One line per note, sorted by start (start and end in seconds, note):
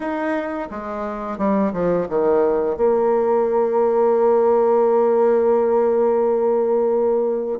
0.00 0.68 D#4
0.71 1.38 G#3
1.38 1.72 G3
1.72 2.07 F3
2.08 2.76 D#3
2.76 7.59 A#3